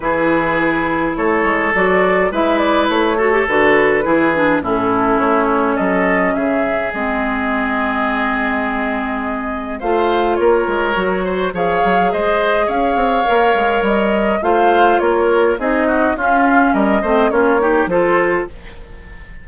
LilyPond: <<
  \new Staff \with { instrumentName = "flute" } { \time 4/4 \tempo 4 = 104 b'2 cis''4 d''4 | e''8 d''8 cis''4 b'2 | a'4 cis''4 dis''4 e''4 | dis''1~ |
dis''4 f''4 cis''2 | f''4 dis''4 f''2 | dis''4 f''4 cis''4 dis''4 | f''4 dis''4 cis''4 c''4 | }
  \new Staff \with { instrumentName = "oboe" } { \time 4/4 gis'2 a'2 | b'4. a'4. gis'4 | e'2 a'4 gis'4~ | gis'1~ |
gis'4 c''4 ais'4. c''8 | cis''4 c''4 cis''2~ | cis''4 c''4 ais'4 gis'8 fis'8 | f'4 ais'8 c''8 f'8 g'8 a'4 | }
  \new Staff \with { instrumentName = "clarinet" } { \time 4/4 e'2. fis'4 | e'4. fis'16 g'16 fis'4 e'8 d'8 | cis'1 | c'1~ |
c'4 f'2 fis'4 | gis'2. ais'4~ | ais'4 f'2 dis'4 | cis'4. c'8 cis'8 dis'8 f'4 | }
  \new Staff \with { instrumentName = "bassoon" } { \time 4/4 e2 a8 gis8 fis4 | gis4 a4 d4 e4 | a,4 a4 fis4 cis4 | gis1~ |
gis4 a4 ais8 gis8 fis4 | f8 fis8 gis4 cis'8 c'8 ais8 gis8 | g4 a4 ais4 c'4 | cis'4 g8 a8 ais4 f4 | }
>>